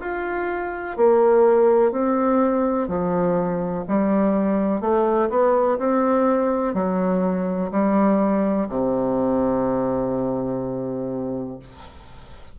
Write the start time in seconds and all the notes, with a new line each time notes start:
0.00 F4
0.97 A#3
1.91 C4
2.88 F3
3.88 G3
4.81 A3
5.30 B3
5.78 C4
6.74 F#3
7.71 G3
8.69 C3